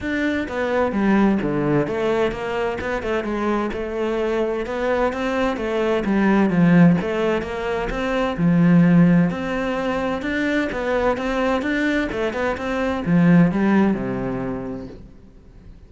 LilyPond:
\new Staff \with { instrumentName = "cello" } { \time 4/4 \tempo 4 = 129 d'4 b4 g4 d4 | a4 ais4 b8 a8 gis4 | a2 b4 c'4 | a4 g4 f4 a4 |
ais4 c'4 f2 | c'2 d'4 b4 | c'4 d'4 a8 b8 c'4 | f4 g4 c2 | }